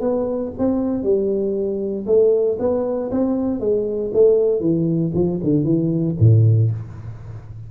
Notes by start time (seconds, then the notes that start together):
0.00 B3
0.58 C4
1.03 G3
2.06 A3
2.59 B3
3.11 C4
3.59 G#3
4.13 A3
4.60 E3
5.14 F3
5.43 D3
5.63 E3
6.19 A2